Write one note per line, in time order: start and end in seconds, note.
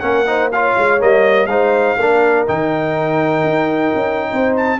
0.00 0.75 A#3
0.00 0.25 C#4
0.00 0.27 A#4
0.00 0.49 F#5
0.26 0.51 D#4
0.26 0.53 C5
0.52 0.99 F4
0.52 1.49 C#5
0.52 1.01 F5
0.77 1.01 G#3
0.99 1.46 G3
0.99 1.48 A#3
0.99 1.46 D#5
1.46 1.95 G#3
1.46 1.98 D#4
1.46 1.97 C5
1.46 2.44 F5
1.97 2.47 A#3
1.97 2.47 D4
1.97 4.28 A#4
2.47 3.43 D#3
2.47 4.79 D#4
2.47 4.55 G5
3.43 3.92 D#4
3.95 4.31 C#4
4.30 4.79 C4
4.30 4.79 C5
4.56 4.79 A5